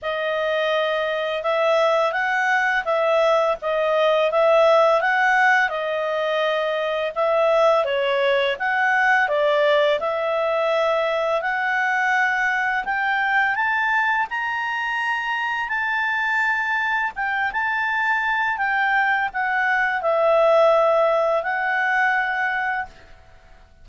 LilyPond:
\new Staff \with { instrumentName = "clarinet" } { \time 4/4 \tempo 4 = 84 dis''2 e''4 fis''4 | e''4 dis''4 e''4 fis''4 | dis''2 e''4 cis''4 | fis''4 d''4 e''2 |
fis''2 g''4 a''4 | ais''2 a''2 | g''8 a''4. g''4 fis''4 | e''2 fis''2 | }